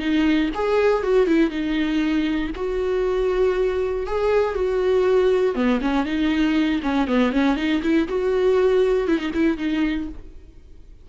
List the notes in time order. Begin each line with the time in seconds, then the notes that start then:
0.00 D#4
0.55 G#4
1.03 F#4
1.27 E4
1.51 D#4
2.56 F#4
4.07 G#4
4.55 F#4
5.56 B3
5.82 C#4
6.06 D#4
6.83 C#4
7.08 B3
7.33 C#4
7.57 D#4
7.83 E4
8.09 F#4
9.08 E4
9.19 D#4
9.34 E4
9.58 D#4